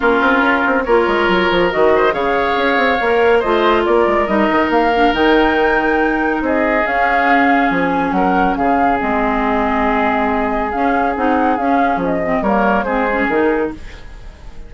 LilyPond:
<<
  \new Staff \with { instrumentName = "flute" } { \time 4/4 \tempo 4 = 140 ais'2 cis''2 | dis''4 f''2. | dis''4 d''4 dis''4 f''4 | g''2. dis''4 |
f''2 gis''4 fis''4 | f''4 dis''2.~ | dis''4 f''4 fis''4 f''4 | dis''4 cis''4 c''4 ais'4 | }
  \new Staff \with { instrumentName = "oboe" } { \time 4/4 f'2 ais'2~ | ais'8 c''8 cis''2. | c''4 ais'2.~ | ais'2. gis'4~ |
gis'2. ais'4 | gis'1~ | gis'1~ | gis'4 ais'4 gis'2 | }
  \new Staff \with { instrumentName = "clarinet" } { \time 4/4 cis'2 f'2 | fis'4 gis'2 ais'4 | f'2 dis'4. d'8 | dis'1 |
cis'1~ | cis'4 c'2.~ | c'4 cis'4 dis'4 cis'4~ | cis'8 c'8 ais4 c'8 cis'8 dis'4 | }
  \new Staff \with { instrumentName = "bassoon" } { \time 4/4 ais8 c'8 cis'8 c'8 ais8 gis8 fis8 f8 | dis4 cis4 cis'8 c'8 ais4 | a4 ais8 gis8 g8 dis8 ais4 | dis2. c'4 |
cis'2 f4 fis4 | cis4 gis2.~ | gis4 cis'4 c'4 cis'4 | f4 g4 gis4 dis4 | }
>>